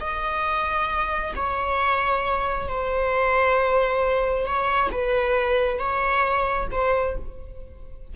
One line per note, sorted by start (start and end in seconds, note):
0.00 1.33 D#5
1.36 2.68 C#5
2.68 4.45 C5
4.45 4.90 C#5
4.91 5.78 B4
5.78 6.67 C#5
6.71 7.15 C5